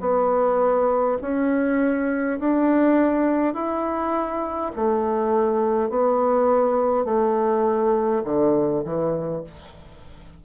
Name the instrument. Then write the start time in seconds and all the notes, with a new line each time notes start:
bassoon
0.00 B3
1.22 C#4
2.40 D4
3.54 E4
4.76 A3
5.90 B3
7.05 A3
8.24 D3
8.84 E3